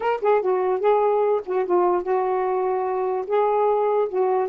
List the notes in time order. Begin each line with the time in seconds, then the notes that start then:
0.00 A#4
0.21 G#4
0.41 F#4
0.80 G#4
1.45 F#4
1.65 F4
2.02 F#4
3.26 G#4
4.08 F#4